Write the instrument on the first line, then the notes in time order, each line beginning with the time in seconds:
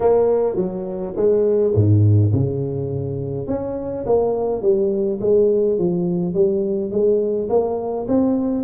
tuba
0.00 A#3
0.56 F#3
1.16 G#3
1.74 G#2
2.32 C#3
3.47 C#4
4.05 A#3
4.62 G3
5.21 G#3
5.78 F3
6.33 G3
6.91 G#3
7.49 A#3
8.07 C4